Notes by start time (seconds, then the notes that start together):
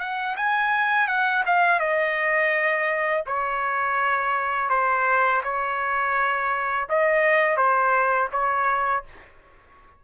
0.00 F#5
0.36 G#5
1.08 F#5
1.46 F5
1.80 D#5
3.27 C#5
4.70 C5
5.44 C#5
6.90 D#5
7.57 C5
8.32 C#5